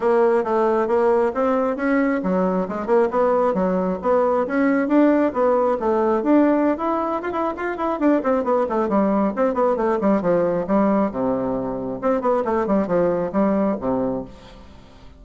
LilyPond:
\new Staff \with { instrumentName = "bassoon" } { \time 4/4 \tempo 4 = 135 ais4 a4 ais4 c'4 | cis'4 fis4 gis8 ais8 b4 | fis4 b4 cis'4 d'4 | b4 a4 d'4~ d'16 e'8.~ |
e'16 f'16 e'8 f'8 e'8 d'8 c'8 b8 a8 | g4 c'8 b8 a8 g8 f4 | g4 c2 c'8 b8 | a8 g8 f4 g4 c4 | }